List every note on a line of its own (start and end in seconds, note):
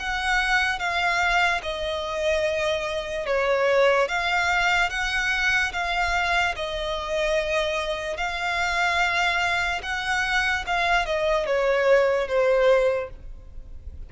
0.00 0.79 F#5
0.79 1.61 F5
1.63 3.27 D#5
3.27 4.09 C#5
4.09 4.91 F5
4.91 5.73 F#5
5.73 6.55 F5
6.56 8.18 D#5
8.18 9.82 F5
9.83 10.65 F#5
10.67 11.06 F5
11.06 11.47 D#5
11.47 12.28 C#5
12.28 13.10 C5